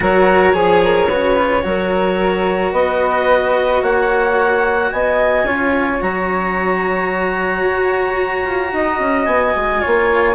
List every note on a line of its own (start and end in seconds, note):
0.00 0.53 F#3
0.00 0.53 F#4
0.00 0.54 A#4
0.00 2.73 C#5
0.53 1.08 F3
0.53 1.07 G#4
0.53 0.81 G#4
0.84 1.08 A#4
1.08 1.62 C#3
1.08 1.36 F#4
1.08 1.63 B4
1.36 1.62 F4
1.62 2.72 F#3
1.62 5.44 F#4
1.62 2.72 A#4
2.72 3.81 B3
2.72 3.81 B4
2.72 3.82 D#5
3.82 4.91 A#3
3.82 4.91 C#5
3.82 4.91 F#5
4.91 5.43 B3
4.91 5.46 D#5
4.91 6.00 G#5
5.43 5.98 C#4
5.43 6.00 F4
5.43 8.73 C#5
6.00 7.64 F#3
6.00 9.79 F#4
6.00 9.25 A#5
7.64 8.44 F#4
8.44 8.72 F4
8.72 8.99 D#4
8.72 9.81 D#5
8.99 9.26 C#4
9.25 9.53 B3
9.25 10.34 G#5
9.55 9.82 G#3
9.79 10.34 F4
9.79 10.35 C#5
9.86 10.35 A#3